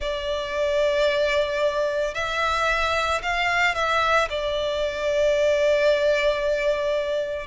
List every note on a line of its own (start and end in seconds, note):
0.00 2.14 D5
2.14 3.21 E5
3.22 3.75 F5
3.75 4.28 E5
4.29 7.46 D5